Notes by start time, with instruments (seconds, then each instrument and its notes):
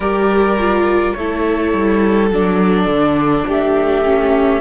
0.00 cello G3, viola G4, violin A#4, flute D5
0.58 viola F4
1.12 cello A3, violin A4, flute C#5
1.19 viola E4
1.73 cello G3
2.30 cello F#3, viola D4, flute D5
2.86 cello D3
3.47 cello A3, violin G4, flute E5
4.04 viola C#4